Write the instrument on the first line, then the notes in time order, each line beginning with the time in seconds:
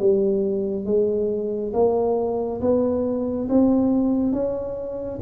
tuba
0.00 G3
0.86 G#3
1.74 A#3
2.62 B3
3.49 C4
4.33 C#4